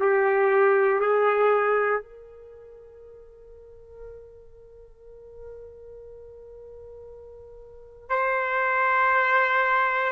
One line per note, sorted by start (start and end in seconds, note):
0.00 1.00 G4
1.00 2.02 G#4
2.02 8.09 A#4
8.09 10.12 C5